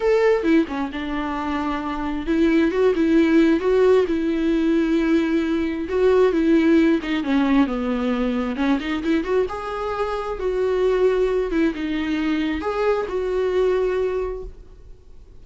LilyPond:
\new Staff \with { instrumentName = "viola" } { \time 4/4 \tempo 4 = 133 a'4 e'8 cis'8 d'2~ | d'4 e'4 fis'8 e'4. | fis'4 e'2.~ | e'4 fis'4 e'4. dis'8 |
cis'4 b2 cis'8 dis'8 | e'8 fis'8 gis'2 fis'4~ | fis'4. e'8 dis'2 | gis'4 fis'2. | }